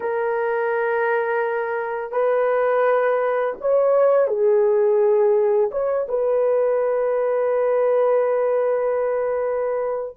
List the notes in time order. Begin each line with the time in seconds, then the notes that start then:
0.00 A#4
2.11 B4
3.60 C#5
4.27 G#4
5.71 C#5
6.08 B4